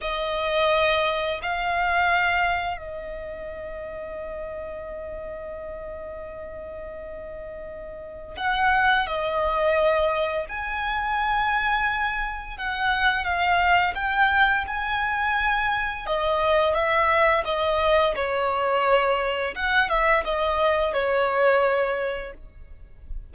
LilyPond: \new Staff \with { instrumentName = "violin" } { \time 4/4 \tempo 4 = 86 dis''2 f''2 | dis''1~ | dis''1 | fis''4 dis''2 gis''4~ |
gis''2 fis''4 f''4 | g''4 gis''2 dis''4 | e''4 dis''4 cis''2 | fis''8 e''8 dis''4 cis''2 | }